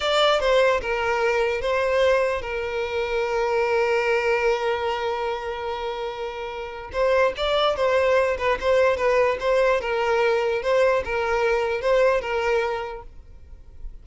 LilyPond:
\new Staff \with { instrumentName = "violin" } { \time 4/4 \tempo 4 = 147 d''4 c''4 ais'2 | c''2 ais'2~ | ais'1~ | ais'1~ |
ais'4 c''4 d''4 c''4~ | c''8 b'8 c''4 b'4 c''4 | ais'2 c''4 ais'4~ | ais'4 c''4 ais'2 | }